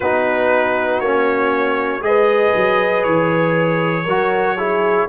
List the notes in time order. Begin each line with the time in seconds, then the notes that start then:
0.00 B3 D#4 F#4 B4
1.00 A#3 C#4 C#5
2.01 G#3 G#4 B4 D#5
2.55 F#3
3.03 E3 C#5
4.04 F#3 F#4 A#4
4.57 E4 G#4